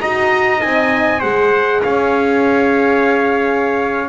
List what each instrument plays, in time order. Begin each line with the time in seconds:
0.00 double bass D#4, horn F#4, trumpet D#5 A#5
0.58 double bass C4, horn D#4, trumpet G#5
1.19 double bass G#3, horn G#4, trumpet C5 F#5
1.82 double bass C#4, trumpet C#5 F5